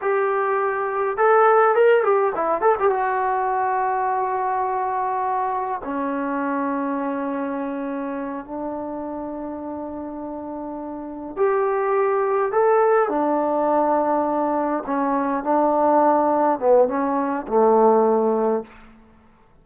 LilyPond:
\new Staff \with { instrumentName = "trombone" } { \time 4/4 \tempo 4 = 103 g'2 a'4 ais'8 g'8 | e'8 a'16 g'16 fis'2.~ | fis'2 cis'2~ | cis'2~ cis'8 d'4.~ |
d'2.~ d'8 g'8~ | g'4. a'4 d'4.~ | d'4. cis'4 d'4.~ | d'8 b8 cis'4 a2 | }